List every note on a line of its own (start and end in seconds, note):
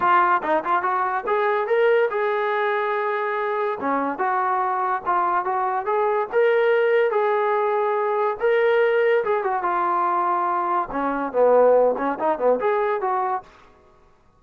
0.00 0.41 F4
0.42 0.63 D#4
0.64 0.82 F4
0.82 1.24 F#4
1.26 1.67 G#4
1.67 2.09 A#4
2.10 3.78 G#4
3.80 4.18 C#4
4.18 5.02 F#4
5.05 5.44 F4
5.44 5.85 F#4
5.85 6.27 G#4
6.32 7.10 A#4
7.10 8.36 G#4
8.40 9.24 A#4
9.24 9.43 G#4
9.43 9.63 F#4
9.63 10.88 F4
10.91 11.32 C#4
11.32 11.95 B3
11.97 12.18 C#4
12.19 12.38 D#4
12.38 12.59 B3
12.60 13.01 G#4
13.01 13.43 F#4